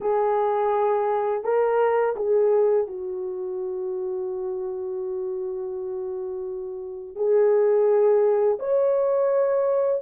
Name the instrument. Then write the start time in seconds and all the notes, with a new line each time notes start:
horn
0.01 G#4
1.43 A#4
2.16 G#4
2.87 F#4
7.15 G#4
8.59 C#5